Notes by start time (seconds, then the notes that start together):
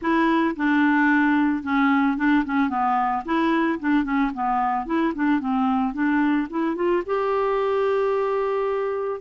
0.01 E4
0.56 D4
1.63 C#4
2.17 D4
2.45 C#4
2.69 B3
3.25 E4
3.79 D4
4.04 C#4
4.33 B3
4.86 E4
5.14 D4
5.40 C4
5.93 D4
6.49 E4
6.75 F4
7.05 G4